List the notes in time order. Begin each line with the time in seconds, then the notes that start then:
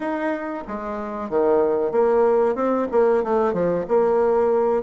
0.00 D#4
0.67 G#3
1.29 D#3
1.91 A#3
2.55 C4
2.91 A#3
3.23 A3
3.53 F3
3.88 A#3